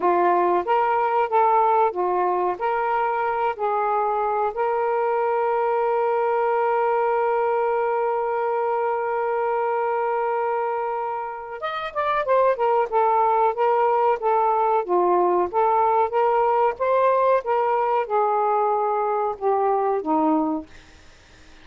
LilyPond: \new Staff \with { instrumentName = "saxophone" } { \time 4/4 \tempo 4 = 93 f'4 ais'4 a'4 f'4 | ais'4. gis'4. ais'4~ | ais'1~ | ais'1~ |
ais'2 dis''8 d''8 c''8 ais'8 | a'4 ais'4 a'4 f'4 | a'4 ais'4 c''4 ais'4 | gis'2 g'4 dis'4 | }